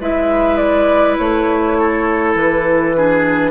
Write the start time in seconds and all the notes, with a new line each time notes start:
0.00 G#3 E4 B4 E5
0.57 D5
1.18 A3 C#5
1.79 A4
2.35 E3 B4
2.96 D4 G#4